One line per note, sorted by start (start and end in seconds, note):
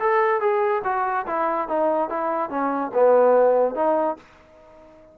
0.00 0.41 A4
0.41 0.83 G#4
0.84 1.26 F#4
1.27 1.69 E4
1.69 2.10 D#4
2.10 2.50 E4
2.50 2.92 C#4
2.94 3.75 B3
3.75 4.17 D#4